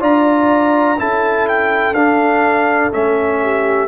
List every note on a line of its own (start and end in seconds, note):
0.00 0.98 D4
0.00 0.97 F4
0.00 0.97 D5
0.00 0.99 A#5
0.98 1.93 C#4
0.98 1.95 E4
0.98 3.41 A4
0.98 1.48 A5
1.48 1.94 G5
1.93 2.89 D4
1.93 2.92 D4
1.93 2.91 F5
2.92 3.87 A3
2.92 3.87 C#4
2.92 3.87 E5
3.42 3.87 G4